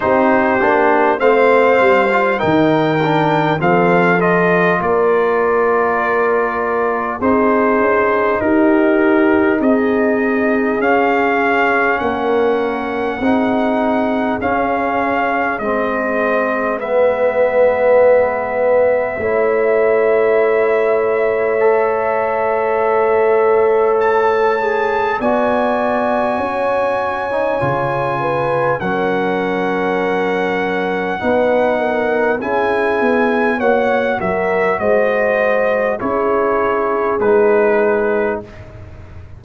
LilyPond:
<<
  \new Staff \with { instrumentName = "trumpet" } { \time 4/4 \tempo 4 = 50 c''4 f''4 g''4 f''8 dis''8 | d''2 c''4 ais'4 | dis''4 f''4 fis''2 | f''4 dis''4 e''2~ |
e''1 | a''4 gis''2. | fis''2. gis''4 | fis''8 e''8 dis''4 cis''4 b'4 | }
  \new Staff \with { instrumentName = "horn" } { \time 4/4 g'4 c''4 ais'4 a'4 | ais'2 gis'4 g'4 | gis'2 ais'4 gis'4~ | gis'2 b'2 |
cis''1~ | cis''4 d''4 cis''4. b'8 | ais'2 b'8 ais'8 gis'4 | cis''8 ais'8 c''4 gis'2 | }
  \new Staff \with { instrumentName = "trombone" } { \time 4/4 dis'8 d'8 c'8. f'16 dis'8 d'8 c'8 f'8~ | f'2 dis'2~ | dis'4 cis'2 dis'4 | cis'4 c'4 b2 |
e'2 a'2~ | a'8 gis'8 fis'4.~ fis'16 dis'16 f'4 | cis'2 dis'4 e'4 | fis'2 e'4 dis'4 | }
  \new Staff \with { instrumentName = "tuba" } { \time 4/4 c'8 ais8 a8 g8 dis4 f4 | ais2 c'8 cis'8 dis'4 | c'4 cis'4 ais4 c'4 | cis'4 gis2. |
a1~ | a4 b4 cis'4 cis4 | fis2 b4 cis'8 b8 | ais8 fis8 gis4 cis'4 gis4 | }
>>